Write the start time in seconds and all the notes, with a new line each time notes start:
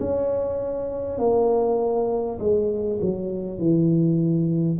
0.00 C#4
1.18 A#3
2.39 G#3
3.01 F#3
3.59 E3